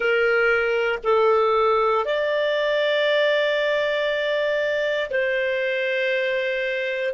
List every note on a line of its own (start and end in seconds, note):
0.00 0.98 A#4
1.03 2.05 A4
2.05 5.10 D5
5.10 7.13 C5